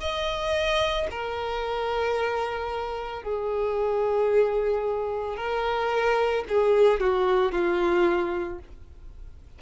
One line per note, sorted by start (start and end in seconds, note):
0.00 1.07 D#5
1.10 3.23 A#4
3.23 5.37 G#4
5.37 6.44 A#4
6.48 7.00 G#4
7.00 7.51 F#4
7.51 8.59 F4